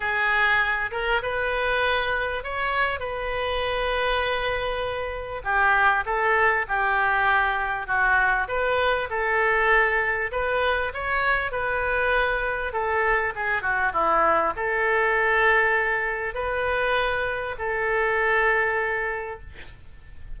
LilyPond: \new Staff \with { instrumentName = "oboe" } { \time 4/4 \tempo 4 = 99 gis'4. ais'8 b'2 | cis''4 b'2.~ | b'4 g'4 a'4 g'4~ | g'4 fis'4 b'4 a'4~ |
a'4 b'4 cis''4 b'4~ | b'4 a'4 gis'8 fis'8 e'4 | a'2. b'4~ | b'4 a'2. | }